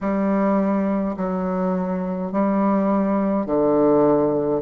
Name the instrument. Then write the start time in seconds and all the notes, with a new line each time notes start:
bassoon
0.00 G3
1.16 F#3
2.32 G3
3.46 D3